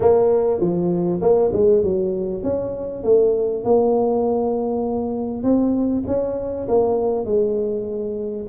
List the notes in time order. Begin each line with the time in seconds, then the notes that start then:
0.00 A#3
0.60 F3
1.21 A#3
1.53 G#3
1.83 F#3
2.43 C#4
3.03 A3
3.64 A#3
5.43 C4
6.07 C#4
6.68 A#3
7.25 G#3